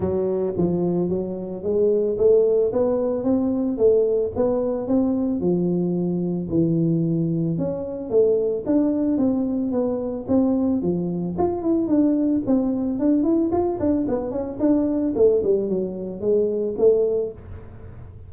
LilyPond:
\new Staff \with { instrumentName = "tuba" } { \time 4/4 \tempo 4 = 111 fis4 f4 fis4 gis4 | a4 b4 c'4 a4 | b4 c'4 f2 | e2 cis'4 a4 |
d'4 c'4 b4 c'4 | f4 f'8 e'8 d'4 c'4 | d'8 e'8 f'8 d'8 b8 cis'8 d'4 | a8 g8 fis4 gis4 a4 | }